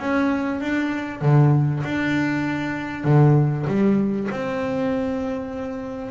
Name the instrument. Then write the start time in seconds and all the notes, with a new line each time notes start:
double bass
0.00 C#4
0.61 D4
1.22 D3
1.84 D4
3.04 D3
3.68 G3
4.32 C4